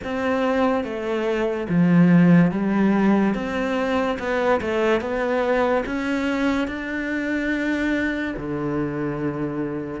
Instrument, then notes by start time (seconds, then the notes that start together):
cello
0.04 C4
0.83 A3
1.69 F3
2.51 G3
3.34 C4
4.18 B3
4.61 A3
5.00 B3
5.86 C#4
6.67 D4
8.36 D3